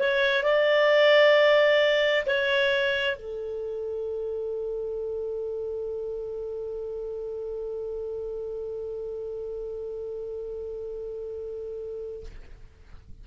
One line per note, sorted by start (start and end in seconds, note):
0.00 0.44 C#5
0.44 2.26 D5
2.26 3.17 C#5
3.17 12.26 A4